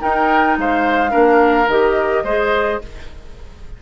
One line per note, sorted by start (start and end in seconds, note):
0.00 1.09 D#4
0.00 0.57 D#4
0.00 0.57 A#4
0.00 0.57 G5
0.57 1.13 G#3
0.57 1.11 C5
0.57 1.70 F5
1.09 1.67 A#3
1.09 1.66 D4
1.09 2.23 A#4
1.67 2.23 D#3
1.67 2.25 G4
1.67 2.82 D#5
2.23 2.79 G#3
2.23 2.82 G#4
2.23 2.80 C5